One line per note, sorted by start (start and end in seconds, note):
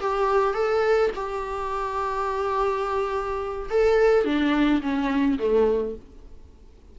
0.00 0.54 G4
0.54 1.10 A4
1.15 3.69 G4
3.70 4.24 A4
4.24 4.81 D4
4.81 5.38 C#4
5.38 5.95 A3